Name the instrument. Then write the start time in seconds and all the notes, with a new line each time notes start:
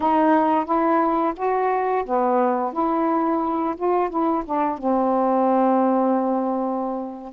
saxophone
0.00 D#4
0.65 E4
1.36 F#4
2.05 B3
2.72 E4
3.76 F4
4.09 E4
4.45 D4
4.77 C4